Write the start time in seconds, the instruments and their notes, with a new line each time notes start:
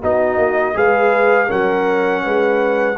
0.00 tuba B3, trombone D#4, horn F#4, trumpet D#5
0.37 tuba A#3
0.74 tuba G#3, trombone G#4, horn B4, trumpet F5
1.46 tuba F#3, trombone C#4, horn A#4, trumpet F#5
2.23 tuba G#3, horn B4